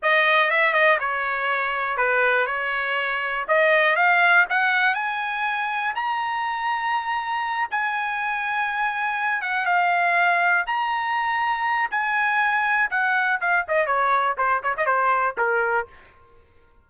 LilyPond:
\new Staff \with { instrumentName = "trumpet" } { \time 4/4 \tempo 4 = 121 dis''4 e''8 dis''8 cis''2 | b'4 cis''2 dis''4 | f''4 fis''4 gis''2 | ais''2.~ ais''8 gis''8~ |
gis''2. fis''8 f''8~ | f''4. ais''2~ ais''8 | gis''2 fis''4 f''8 dis''8 | cis''4 c''8 cis''16 dis''16 c''4 ais'4 | }